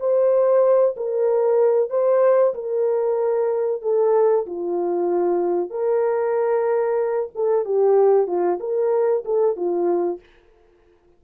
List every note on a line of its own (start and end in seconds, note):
0.00 0.96 C5
0.97 1.90 A#4
1.90 2.54 C5
2.55 3.82 A#4
3.82 4.46 A4
4.47 5.71 F4
5.71 7.30 A#4
7.35 7.65 A4
7.65 8.27 G4
8.27 8.59 F4
8.61 9.24 A#4
9.26 9.57 A4
9.57 10.20 F4